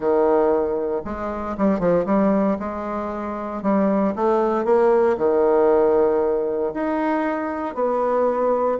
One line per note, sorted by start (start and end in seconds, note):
0.00 1.01 D#3
1.04 1.56 G#3
1.57 1.79 G3
1.79 2.05 F3
2.05 2.57 G3
2.59 3.62 G#3
3.62 4.14 G3
4.15 4.64 A3
4.64 5.16 A#3
5.17 6.72 D#3
6.74 7.74 D#4
7.74 8.78 B3